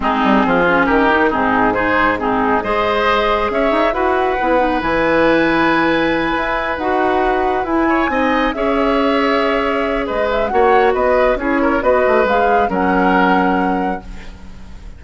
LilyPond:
<<
  \new Staff \with { instrumentName = "flute" } { \time 4/4 \tempo 4 = 137 gis'2 ais'4 gis'4 | c''4 gis'4 dis''2 | e''4 fis''2 gis''4~ | gis''2.~ gis''8 fis''8~ |
fis''4. gis''2 e''8~ | e''2. dis''8 e''8 | fis''4 dis''4 cis''4 dis''4 | f''4 fis''2. | }
  \new Staff \with { instrumentName = "oboe" } { \time 4/4 dis'4 f'4 g'4 dis'4 | gis'4 dis'4 c''2 | cis''4 b'2.~ | b'1~ |
b'2 cis''8 dis''4 cis''8~ | cis''2. b'4 | cis''4 b'4 gis'8 ais'8 b'4~ | b'4 ais'2. | }
  \new Staff \with { instrumentName = "clarinet" } { \time 4/4 c'4. cis'4 dis'8 c'4 | dis'4 c'4 gis'2~ | gis'4 fis'4 e'8 dis'8 e'4~ | e'2.~ e'8 fis'8~ |
fis'4. e'4 dis'4 gis'8~ | gis'1 | fis'2 e'4 fis'4 | gis'4 cis'2. | }
  \new Staff \with { instrumentName = "bassoon" } { \time 4/4 gis8 g8 f4 dis4 gis,4~ | gis,2 gis2 | cis'8 dis'8 e'4 b4 e4~ | e2~ e8 e'4 dis'8~ |
dis'4. e'4 c'4 cis'8~ | cis'2. gis4 | ais4 b4 cis'4 b8 a8 | gis4 fis2. | }
>>